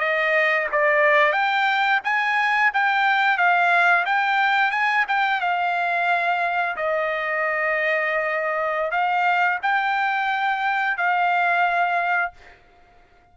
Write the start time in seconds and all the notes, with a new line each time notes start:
0.00 D#5
0.72 D5
1.33 G5
2.04 G#5
2.74 G5
3.38 F5
4.06 G5
4.72 G#5
5.08 G5
5.41 F5
6.77 D#5
8.91 F5
9.63 G5
10.97 F5